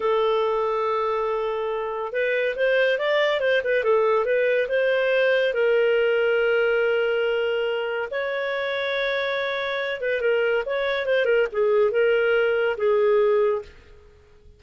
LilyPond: \new Staff \with { instrumentName = "clarinet" } { \time 4/4 \tempo 4 = 141 a'1~ | a'4 b'4 c''4 d''4 | c''8 b'8 a'4 b'4 c''4~ | c''4 ais'2.~ |
ais'2. cis''4~ | cis''2.~ cis''8 b'8 | ais'4 cis''4 c''8 ais'8 gis'4 | ais'2 gis'2 | }